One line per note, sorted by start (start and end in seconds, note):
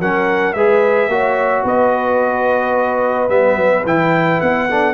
0.00 0.55 F#3
0.00 0.56 C#4
0.00 0.56 A#4
0.00 0.54 F#5
0.54 1.08 G#3
0.54 1.11 G#4
0.54 1.11 B4
0.54 1.64 E5
1.08 1.63 A#3
1.08 3.29 F#4
1.08 1.64 C#5
1.64 3.29 B3
1.64 4.67 B4
1.64 3.30 D#5
3.29 3.56 G3
3.29 3.84 B3
3.29 3.85 E5
3.56 3.84 F#3
3.86 4.41 E3
3.86 4.70 E4
3.86 4.41 G5
4.41 4.94 B3
4.41 4.94 F#5
4.70 4.94 D4
4.70 4.94 A4